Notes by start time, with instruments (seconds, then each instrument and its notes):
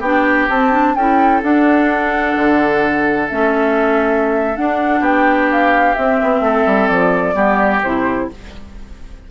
0.00 bassoon B3, clarinet D4, oboe G4, flute G5
0.49 bassoon C4, clarinet C4, flute A5
0.72 clarinet D4
0.95 bassoon C#4, clarinet E4, oboe A4, flute G5
1.43 bassoon D4, clarinet D4, flute F#5
2.36 bassoon D3
3.29 bassoon A3, clarinet C#4, flute E5
4.56 clarinet D4, bassoon D4, flute F#5
5.00 bassoon B3, oboe G4, flute G5
5.52 flute F5
5.95 clarinet C4, bassoon C4, flute E5
6.23 bassoon B3
6.40 bassoon A3, oboe A4
6.66 bassoon G3
6.88 bassoon F3, flute D5
7.34 bassoon G3, clarinet B3, oboe G4
7.83 bassoon C3, clarinet E4, flute C5